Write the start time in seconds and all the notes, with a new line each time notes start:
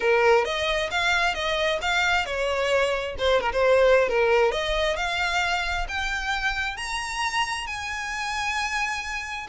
0.00 A#4
0.44 D#5
0.90 F5
1.34 D#5
1.81 F5
2.25 C#5
3.18 C5
3.40 A#4
3.52 C5
4.08 A#4
4.51 D#5
4.96 F5
5.88 G5
6.76 A#5
7.67 G#5